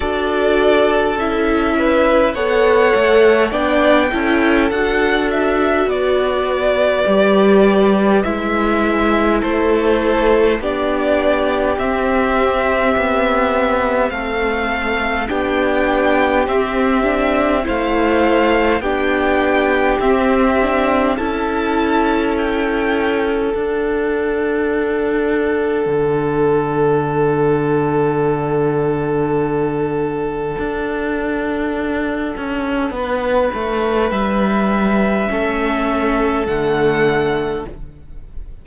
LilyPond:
<<
  \new Staff \with { instrumentName = "violin" } { \time 4/4 \tempo 4 = 51 d''4 e''4 fis''4 g''4 | fis''8 e''8 d''2 e''4 | c''4 d''4 e''2 | f''4 g''4 e''4 f''4 |
g''4 e''4 a''4 g''4 | fis''1~ | fis''1~ | fis''4 e''2 fis''4 | }
  \new Staff \with { instrumentName = "violin" } { \time 4/4 a'4. b'8 cis''4 d''8 a'8~ | a'4 b'2. | a'4 g'2. | a'4 g'2 c''4 |
g'2 a'2~ | a'1~ | a'1 | b'2 a'2 | }
  \new Staff \with { instrumentName = "viola" } { \time 4/4 fis'4 e'4 a'4 d'8 e'8 | fis'2 g'4 e'4~ | e'4 d'4 c'2~ | c'4 d'4 c'8 d'8 e'4 |
d'4 c'8 d'8 e'2 | d'1~ | d'1~ | d'2 cis'4 a4 | }
  \new Staff \with { instrumentName = "cello" } { \time 4/4 d'4 cis'4 b8 a8 b8 cis'8 | d'4 b4 g4 gis4 | a4 b4 c'4 b4 | a4 b4 c'4 a4 |
b4 c'4 cis'2 | d'2 d2~ | d2 d'4. cis'8 | b8 a8 g4 a4 d4 | }
>>